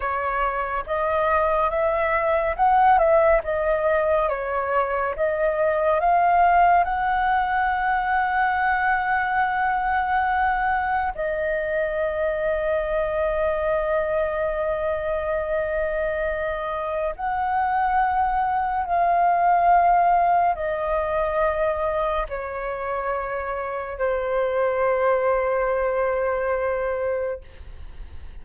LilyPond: \new Staff \with { instrumentName = "flute" } { \time 4/4 \tempo 4 = 70 cis''4 dis''4 e''4 fis''8 e''8 | dis''4 cis''4 dis''4 f''4 | fis''1~ | fis''4 dis''2.~ |
dis''1 | fis''2 f''2 | dis''2 cis''2 | c''1 | }